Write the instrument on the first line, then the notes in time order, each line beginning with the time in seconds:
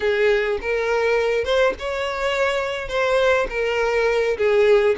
violin
0.00 G#4
0.61 A#4
1.44 C5
1.79 C#5
2.88 C5
3.49 A#4
4.37 G#4